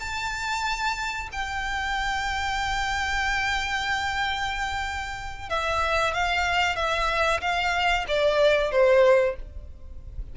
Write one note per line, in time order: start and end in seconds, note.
0.00 1.29 A5
1.32 5.50 G5
5.50 6.14 E5
6.14 6.76 F5
6.76 7.41 E5
7.41 8.06 F5
8.08 8.72 D5
8.72 9.36 C5